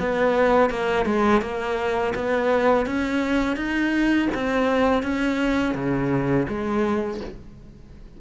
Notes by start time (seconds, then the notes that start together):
0.00 B3
0.70 A#3
1.06 G#3
1.42 A#3
2.15 B3
2.86 C#4
3.57 D#4
4.34 C4
5.03 C#4
5.75 C#3
6.49 G#3